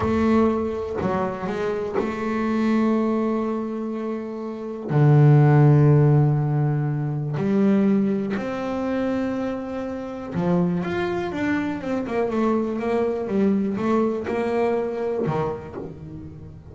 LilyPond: \new Staff \with { instrumentName = "double bass" } { \time 4/4 \tempo 4 = 122 a2 fis4 gis4 | a1~ | a2 d2~ | d2. g4~ |
g4 c'2.~ | c'4 f4 f'4 d'4 | c'8 ais8 a4 ais4 g4 | a4 ais2 dis4 | }